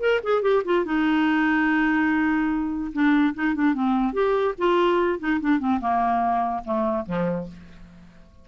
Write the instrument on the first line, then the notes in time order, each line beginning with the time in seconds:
clarinet
0.00 A#4
0.23 G#4
0.43 G4
0.65 F4
0.85 D#4
2.93 D4
3.35 D#4
3.55 D4
3.74 C4
4.13 G4
4.58 F4
5.20 D#4
5.41 D4
5.60 C4
5.81 A#3
6.65 A3
7.06 F3